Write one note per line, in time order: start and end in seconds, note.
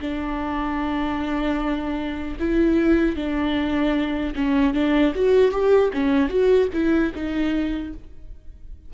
0.00 2.37 D4
2.39 3.15 E4
3.15 4.34 D4
4.35 4.74 C#4
4.74 5.13 D4
5.15 5.51 F#4
5.51 5.90 G4
5.93 6.29 C#4
6.29 6.68 F#4
6.73 7.12 E4
7.14 7.93 D#4